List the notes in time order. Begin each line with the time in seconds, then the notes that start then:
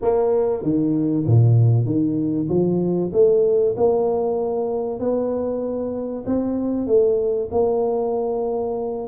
0.01 A#3
0.62 D#3
1.26 A#2
1.85 D#3
2.48 F3
3.12 A3
3.77 A#3
4.99 B3
6.26 C4
6.86 A3
7.51 A#3